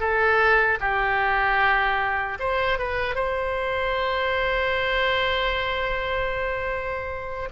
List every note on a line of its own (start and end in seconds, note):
0.00 0.79 A4
0.81 2.39 G4
2.40 2.78 C5
2.78 3.15 B4
3.15 7.49 C5